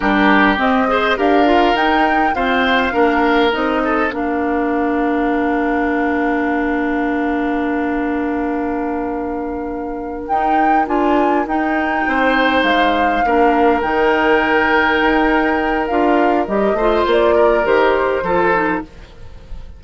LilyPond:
<<
  \new Staff \with { instrumentName = "flute" } { \time 4/4 \tempo 4 = 102 ais'4 dis''4 f''4 g''4 | f''2 dis''4 f''4~ | f''1~ | f''1~ |
f''4. g''4 gis''4 g''8~ | g''4. f''2 g''8~ | g''2. f''4 | dis''4 d''4 c''2 | }
  \new Staff \with { instrumentName = "oboe" } { \time 4/4 g'4. c''8 ais'2 | c''4 ais'4. a'8 ais'4~ | ais'1~ | ais'1~ |
ais'1~ | ais'8 c''2 ais'4.~ | ais'1~ | ais'8 c''4 ais'4. a'4 | }
  \new Staff \with { instrumentName = "clarinet" } { \time 4/4 d'4 c'8 gis'8 g'8 f'8 dis'4 | c'4 d'4 dis'4 d'4~ | d'1~ | d'1~ |
d'4. dis'4 f'4 dis'8~ | dis'2~ dis'8 d'4 dis'8~ | dis'2. f'4 | g'8 f'4. g'4 f'8 dis'8 | }
  \new Staff \with { instrumentName = "bassoon" } { \time 4/4 g4 c'4 d'4 dis'4 | f'4 ais4 c'4 ais4~ | ais1~ | ais1~ |
ais4. dis'4 d'4 dis'8~ | dis'8 c'4 gis4 ais4 dis8~ | dis4. dis'4. d'4 | g8 a8 ais4 dis4 f4 | }
>>